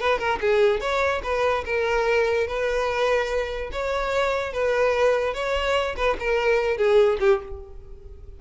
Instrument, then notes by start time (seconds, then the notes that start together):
violin
0.00 B4
0.19 A#4
0.41 G#4
0.81 C#5
1.23 B4
1.65 A#4
2.47 B4
3.72 C#5
4.53 B4
5.34 C#5
5.96 B4
6.20 A#4
6.77 G#4
7.20 G4